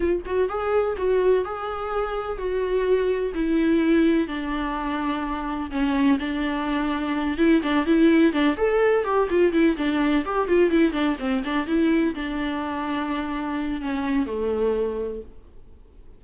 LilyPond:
\new Staff \with { instrumentName = "viola" } { \time 4/4 \tempo 4 = 126 f'8 fis'8 gis'4 fis'4 gis'4~ | gis'4 fis'2 e'4~ | e'4 d'2. | cis'4 d'2~ d'8 e'8 |
d'8 e'4 d'8 a'4 g'8 f'8 | e'8 d'4 g'8 f'8 e'8 d'8 c'8 | d'8 e'4 d'2~ d'8~ | d'4 cis'4 a2 | }